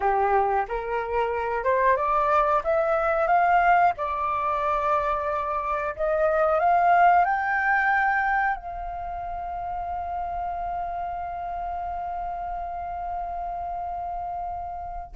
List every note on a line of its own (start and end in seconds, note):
0.00 0.66 G4
0.68 1.64 A#4
1.64 1.96 C5
1.96 2.62 D5
2.64 3.27 E5
3.27 3.93 F5
3.97 5.95 D5
5.96 6.59 D#5
6.59 7.24 F5
7.24 8.55 G5
8.55 15.15 F5